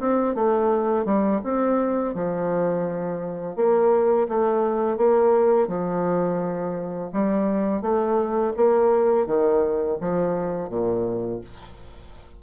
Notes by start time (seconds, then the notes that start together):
0.00 C4
0.35 A3
1.06 G3
1.44 C4
2.15 F3
3.56 A#3
4.29 A3
4.98 A#3
5.68 F3
7.13 G3
7.82 A3
8.57 A#3
9.27 D#3
10.01 F3
10.70 A#2